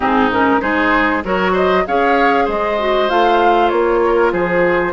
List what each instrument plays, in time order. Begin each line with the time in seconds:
0.00 bassoon G#2, clarinet C4, oboe D#4, flute G#4
0.31 clarinet C#4, flute A#4
0.59 bassoon G#3, clarinet D#4, oboe G#4, flute C5
1.23 bassoon F#3, clarinet F#4, oboe A#4, flute C#5
1.52 oboe C5, flute D#5
1.86 bassoon C#4, clarinet G#4, oboe C#5, flute F5
2.44 bassoon G#3, oboe C5, flute D#5
2.78 clarinet F#4
3.08 bassoon A3, clarinet F4, flute F5
3.69 bassoon A#3, flute C#5
4.05 oboe A#4
4.32 bassoon F3, oboe G#4, flute C5